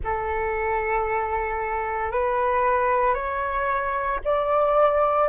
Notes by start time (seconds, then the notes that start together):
0.04 A4
2.11 B4
3.14 C#5
4.24 D5